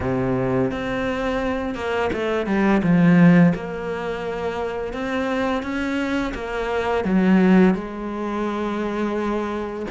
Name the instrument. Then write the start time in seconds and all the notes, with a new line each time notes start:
cello
0.00 C3
0.71 C4
1.74 A#3
2.12 A3
2.46 G3
2.82 F3
3.55 A#3
4.93 C4
5.62 C#4
6.34 A#3
7.04 F#3
7.74 G#3